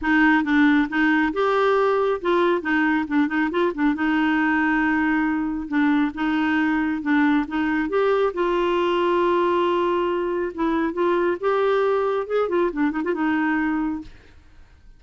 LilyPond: \new Staff \with { instrumentName = "clarinet" } { \time 4/4 \tempo 4 = 137 dis'4 d'4 dis'4 g'4~ | g'4 f'4 dis'4 d'8 dis'8 | f'8 d'8 dis'2.~ | dis'4 d'4 dis'2 |
d'4 dis'4 g'4 f'4~ | f'1 | e'4 f'4 g'2 | gis'8 f'8 d'8 dis'16 f'16 dis'2 | }